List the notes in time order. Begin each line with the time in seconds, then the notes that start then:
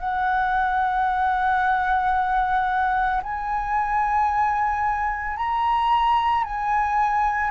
0.00 F#5
3.23 G#5
5.37 A#5
6.44 G#5